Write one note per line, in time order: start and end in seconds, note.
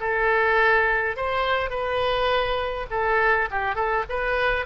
0.00 1.17 A4
1.17 1.70 C5
1.70 2.86 B4
2.90 3.49 A4
3.51 3.75 G4
3.75 4.04 A4
4.09 4.66 B4